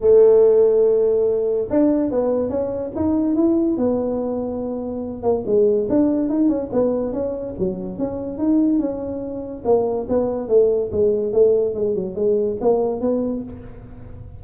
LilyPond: \new Staff \with { instrumentName = "tuba" } { \time 4/4 \tempo 4 = 143 a1 | d'4 b4 cis'4 dis'4 | e'4 b2.~ | b8 ais8 gis4 d'4 dis'8 cis'8 |
b4 cis'4 fis4 cis'4 | dis'4 cis'2 ais4 | b4 a4 gis4 a4 | gis8 fis8 gis4 ais4 b4 | }